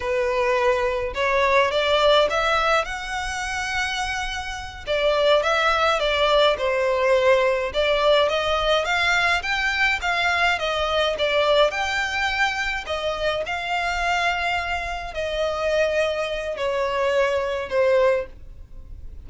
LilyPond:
\new Staff \with { instrumentName = "violin" } { \time 4/4 \tempo 4 = 105 b'2 cis''4 d''4 | e''4 fis''2.~ | fis''8 d''4 e''4 d''4 c''8~ | c''4. d''4 dis''4 f''8~ |
f''8 g''4 f''4 dis''4 d''8~ | d''8 g''2 dis''4 f''8~ | f''2~ f''8 dis''4.~ | dis''4 cis''2 c''4 | }